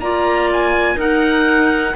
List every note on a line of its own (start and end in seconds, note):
0.00 0.95 A#3
0.00 0.99 F4
0.00 0.96 D5
0.00 0.50 A#5
0.53 1.00 G#5
0.95 1.94 D#4
0.95 1.97 D#4
0.95 1.95 A#4
0.95 1.97 F#5